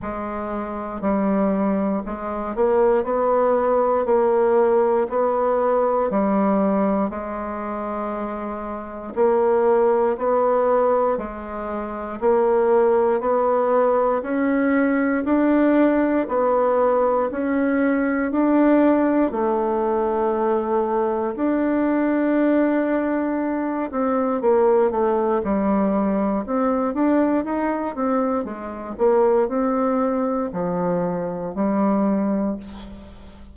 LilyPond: \new Staff \with { instrumentName = "bassoon" } { \time 4/4 \tempo 4 = 59 gis4 g4 gis8 ais8 b4 | ais4 b4 g4 gis4~ | gis4 ais4 b4 gis4 | ais4 b4 cis'4 d'4 |
b4 cis'4 d'4 a4~ | a4 d'2~ d'8 c'8 | ais8 a8 g4 c'8 d'8 dis'8 c'8 | gis8 ais8 c'4 f4 g4 | }